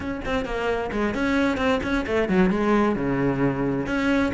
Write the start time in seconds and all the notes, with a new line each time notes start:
0.00 C#4
0.25 C4
0.45 A#3
0.92 G#3
1.14 C#4
1.57 C4
1.83 C#4
2.06 A3
2.28 F#3
2.50 G#3
2.95 C#3
3.86 C#4